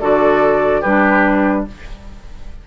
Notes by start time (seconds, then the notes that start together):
0.00 D3 F#4 A4 D5
0.81 G3 D4 G4 B4